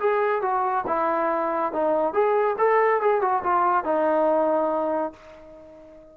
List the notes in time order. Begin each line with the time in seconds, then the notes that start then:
0.00 G#4
0.42 F#4
0.87 E4
1.72 D#4
2.14 G#4
2.58 A4
3.01 G#4
3.21 F#4
3.43 F4
3.84 D#4